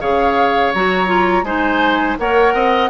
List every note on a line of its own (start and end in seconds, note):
0.00 0.74 C#3
0.00 0.72 G#4
0.00 1.45 C#5
0.00 0.72 F5
0.73 1.43 F#3
0.73 1.07 F#4
0.73 1.44 A#5
1.07 1.43 F4
1.43 2.15 G#3
1.43 2.18 D#4
1.43 2.17 C5
1.43 2.16 G#5
2.18 2.54 A#3
2.18 2.89 A#4
2.18 2.54 C#5
2.18 2.89 F#5
2.54 2.89 C4
2.54 2.89 D#5